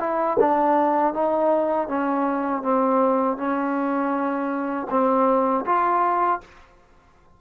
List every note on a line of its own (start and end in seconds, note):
0.00 0.38 E4
0.40 1.14 D4
1.14 1.89 D#4
1.89 2.63 C#4
2.63 3.38 C4
3.38 4.88 C#4
4.90 5.65 C4
5.66 6.41 F4